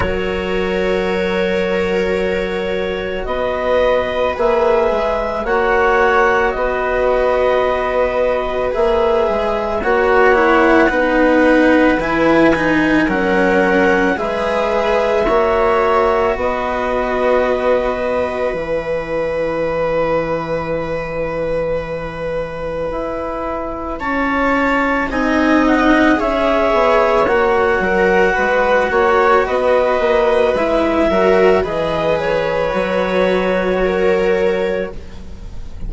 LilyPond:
<<
  \new Staff \with { instrumentName = "clarinet" } { \time 4/4 \tempo 4 = 55 cis''2. dis''4 | e''4 fis''4 dis''2 | e''4 fis''2 gis''4 | fis''4 e''2 dis''4~ |
dis''4 gis''2.~ | gis''2 a''4 gis''8 fis''8 | e''4 fis''2 dis''4 | e''4 dis''8 cis''2~ cis''8 | }
  \new Staff \with { instrumentName = "viola" } { \time 4/4 ais'2. b'4~ | b'4 cis''4 b'2~ | b'4 cis''4 b'2 | ais'4 b'4 cis''4 b'4~ |
b'1~ | b'2 cis''4 dis''4 | cis''4. ais'8 b'8 cis''8 b'4~ | b'8 ais'8 b'2 ais'4 | }
  \new Staff \with { instrumentName = "cello" } { \time 4/4 fis'1 | gis'4 fis'2. | gis'4 fis'8 e'8 dis'4 e'8 dis'8 | cis'4 gis'4 fis'2~ |
fis'4 e'2.~ | e'2. dis'4 | gis'4 fis'2. | e'8 fis'8 gis'4 fis'2 | }
  \new Staff \with { instrumentName = "bassoon" } { \time 4/4 fis2. b4 | ais8 gis8 ais4 b2 | ais8 gis8 ais4 b4 e4 | fis4 gis4 ais4 b4~ |
b4 e2.~ | e4 e'4 cis'4 c'4 | cis'8 b8 ais8 fis8 gis8 ais8 b8 ais8 | gis8 fis8 e4 fis2 | }
>>